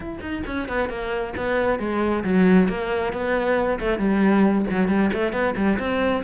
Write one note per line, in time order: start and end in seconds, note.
0.00 0.19 E4
0.20 0.43 D#4
0.46 0.68 C#4
0.68 0.89 B3
0.89 1.33 A#3
1.36 1.79 B3
1.79 2.23 G#3
2.23 2.68 F#3
2.68 3.12 A#3
3.12 3.79 B3
3.79 3.98 A3
3.98 4.65 G3
4.70 4.88 F#3
4.88 5.10 G3
5.13 5.32 A3
5.32 5.54 B3
5.56 5.78 G3
5.78 6.23 C4